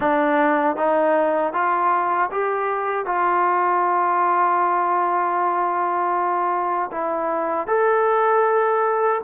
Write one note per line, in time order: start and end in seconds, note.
0.00 0.76 D4
0.76 1.53 D#4
1.53 2.30 F4
2.31 3.05 G4
3.05 6.90 F4
6.91 7.67 E4
7.67 9.21 A4